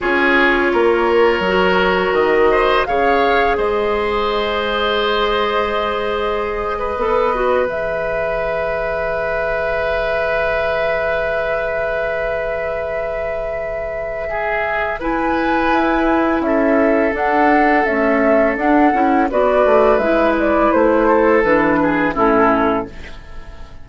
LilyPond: <<
  \new Staff \with { instrumentName = "flute" } { \time 4/4 \tempo 4 = 84 cis''2. dis''4 | f''4 dis''2.~ | dis''2~ dis''8. e''4~ e''16~ | e''1~ |
e''1~ | e''4 gis''2 e''4 | fis''4 e''4 fis''4 d''4 | e''8 d''8 c''4 b'4 a'4 | }
  \new Staff \with { instrumentName = "oboe" } { \time 4/4 gis'4 ais'2~ ais'8 c''8 | cis''4 c''2.~ | c''4. b'2~ b'8~ | b'1~ |
b'1 | gis'4 b'2 a'4~ | a'2. b'4~ | b'4. a'4 gis'8 e'4 | }
  \new Staff \with { instrumentName = "clarinet" } { \time 4/4 f'2 fis'2 | gis'1~ | gis'4.~ gis'16 a'8 fis'8 gis'4~ gis'16~ | gis'1~ |
gis'1~ | gis'4 e'2. | d'4 a4 d'8 e'8 fis'4 | e'2 d'4 cis'4 | }
  \new Staff \with { instrumentName = "bassoon" } { \time 4/4 cis'4 ais4 fis4 dis4 | cis4 gis2.~ | gis4.~ gis16 b4 e4~ e16~ | e1~ |
e1~ | e2 e'4 cis'4 | d'4 cis'4 d'8 cis'8 b8 a8 | gis4 a4 e4 a,4 | }
>>